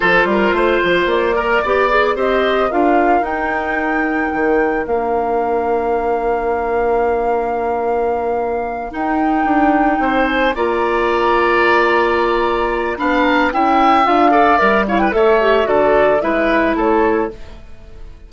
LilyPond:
<<
  \new Staff \with { instrumentName = "flute" } { \time 4/4 \tempo 4 = 111 c''2 d''2 | dis''4 f''4 g''2~ | g''4 f''2.~ | f''1~ |
f''8 g''2~ g''8 gis''8 ais''8~ | ais''1 | b''8 ais''8 g''4 f''4 e''8 f''16 g''16 | e''4 d''4 e''4 cis''4 | }
  \new Staff \with { instrumentName = "oboe" } { \time 4/4 a'8 ais'8 c''4. ais'8 d''4 | c''4 ais'2.~ | ais'1~ | ais'1~ |
ais'2~ ais'8 c''4 d''8~ | d''1 | f''4 e''4. d''4 cis''16 b'16 | cis''4 a'4 b'4 a'4 | }
  \new Staff \with { instrumentName = "clarinet" } { \time 4/4 f'2~ f'8 ais'8 g'8 gis'8 | g'4 f'4 dis'2~ | dis'4 d'2.~ | d'1~ |
d'8 dis'2. f'8~ | f'1 | d'4 e'4 f'8 a'8 ais'8 e'8 | a'8 g'8 fis'4 e'2 | }
  \new Staff \with { instrumentName = "bassoon" } { \time 4/4 f8 g8 a8 f8 ais4 b4 | c'4 d'4 dis'2 | dis4 ais2.~ | ais1~ |
ais8 dis'4 d'4 c'4 ais8~ | ais1 | b4 cis'4 d'4 g4 | a4 d4 gis4 a4 | }
>>